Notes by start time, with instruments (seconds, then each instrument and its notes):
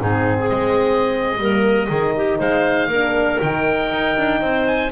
0.00 double bass G#2, horn C4, clarinet D#4, oboe G#4
0.39 clarinet G#4
0.49 double bass G#3, oboe D#5
1.38 double bass G3, horn A#3, clarinet A#4
1.88 double bass D#3, horn D#4, clarinet G#4
2.16 clarinet G4
2.39 double bass G#3, clarinet C5, oboe F5
2.88 double bass A#3, horn D4, clarinet A#4
3.41 double bass D#3, horn D#4, oboe G5
3.91 double bass D#4
4.17 double bass D4
4.41 double bass C4, clarinet C5
4.67 oboe G#5